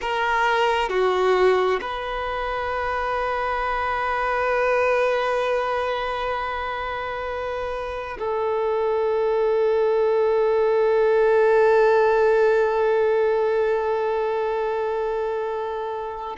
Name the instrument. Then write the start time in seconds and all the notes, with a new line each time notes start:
violin
0.01 A#4
0.88 F#4
1.81 B4
8.18 A4